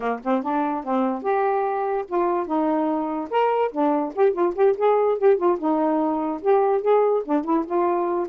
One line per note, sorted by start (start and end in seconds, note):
0.00 0.20 A#3
0.24 0.43 C4
0.43 0.84 D4
0.84 1.22 C4
1.22 2.05 G4
2.07 2.46 F4
2.46 3.29 D#4
3.30 3.71 A#4
3.72 4.13 D4
4.15 4.32 G4
4.32 4.53 F4
4.55 4.75 G4
4.77 5.18 G#4
5.18 5.37 G4
5.37 5.57 F4
5.58 6.41 D#4
6.42 6.81 G4
6.81 7.22 G#4
7.24 7.44 D4
7.44 7.65 E4
7.66 8.28 F4